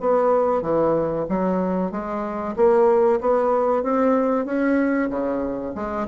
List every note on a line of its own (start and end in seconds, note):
0.00 0.62 B3
0.62 1.25 E3
1.29 1.91 F#3
1.91 2.55 G#3
2.56 3.20 A#3
3.20 3.83 B3
3.83 4.45 C4
4.45 5.09 C#4
5.09 5.73 C#3
5.75 6.07 G#3